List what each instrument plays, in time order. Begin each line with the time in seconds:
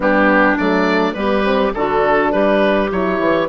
0.00 bassoon G3, horn B3, clarinet D4, oboe G4
0.57 bassoon F#3, horn A3, oboe D5
1.14 bassoon G3, horn B3, clarinet G4, oboe B4
1.44 horn C4
1.74 bassoon D3, horn D4, clarinet F#4, oboe A4
2.32 bassoon G3, clarinet G4, oboe B4
2.91 bassoon F#3, horn E4, oboe C#5
3.19 bassoon E3